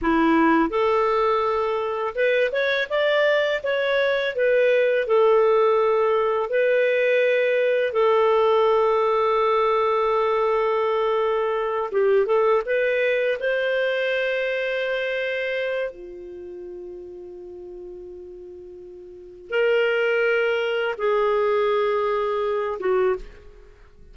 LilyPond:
\new Staff \with { instrumentName = "clarinet" } { \time 4/4 \tempo 4 = 83 e'4 a'2 b'8 cis''8 | d''4 cis''4 b'4 a'4~ | a'4 b'2 a'4~ | a'1~ |
a'8 g'8 a'8 b'4 c''4.~ | c''2 f'2~ | f'2. ais'4~ | ais'4 gis'2~ gis'8 fis'8 | }